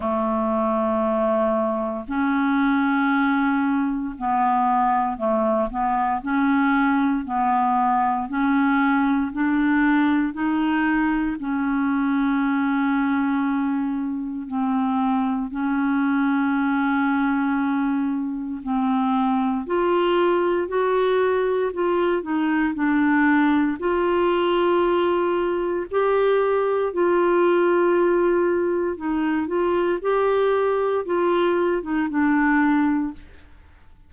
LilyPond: \new Staff \with { instrumentName = "clarinet" } { \time 4/4 \tempo 4 = 58 a2 cis'2 | b4 a8 b8 cis'4 b4 | cis'4 d'4 dis'4 cis'4~ | cis'2 c'4 cis'4~ |
cis'2 c'4 f'4 | fis'4 f'8 dis'8 d'4 f'4~ | f'4 g'4 f'2 | dis'8 f'8 g'4 f'8. dis'16 d'4 | }